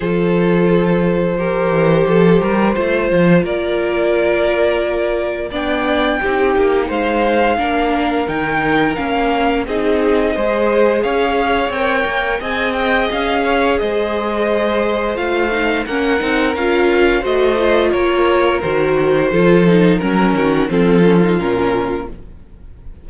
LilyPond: <<
  \new Staff \with { instrumentName = "violin" } { \time 4/4 \tempo 4 = 87 c''1~ | c''4 d''2. | g''2 f''2 | g''4 f''4 dis''2 |
f''4 g''4 gis''8 g''8 f''4 | dis''2 f''4 fis''4 | f''4 dis''4 cis''4 c''4~ | c''4 ais'4 a'4 ais'4 | }
  \new Staff \with { instrumentName = "violin" } { \time 4/4 a'2 ais'4 a'8 ais'8 | c''4 ais'2. | d''4 g'4 c''4 ais'4~ | ais'2 gis'4 c''4 |
cis''2 dis''4. cis''8 | c''2. ais'4~ | ais'4 c''4 ais'2 | a'4 ais'8 fis'8 f'2 | }
  \new Staff \with { instrumentName = "viola" } { \time 4/4 f'2 g'2 | f'1 | d'4 dis'2 d'4 | dis'4 cis'4 dis'4 gis'4~ |
gis'4 ais'4 gis'2~ | gis'2 f'8 dis'8 cis'8 dis'8 | f'4 fis'8 f'4. fis'4 | f'8 dis'8 cis'4 c'8 cis'16 dis'16 cis'4 | }
  \new Staff \with { instrumentName = "cello" } { \time 4/4 f2~ f8 e8 f8 g8 | a8 f8 ais2. | b4 c'8 ais8 gis4 ais4 | dis4 ais4 c'4 gis4 |
cis'4 c'8 ais8 c'4 cis'4 | gis2 a4 ais8 c'8 | cis'4 a4 ais4 dis4 | f4 fis8 dis8 f4 ais,4 | }
>>